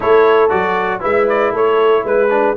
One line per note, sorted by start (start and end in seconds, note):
0.00 0.51 A3
0.00 0.49 E4
0.00 1.00 A4
0.00 0.49 C#5
0.49 1.02 F#3
0.49 1.00 F#4
0.49 1.00 D5
1.00 1.51 G#3
1.00 2.28 E4
1.00 1.51 B4
1.00 1.28 E5
1.28 1.54 D5
1.51 2.03 A3
1.51 2.03 A4
1.51 2.06 C#5
2.04 2.55 G#3
2.04 2.56 B4
2.30 2.55 D4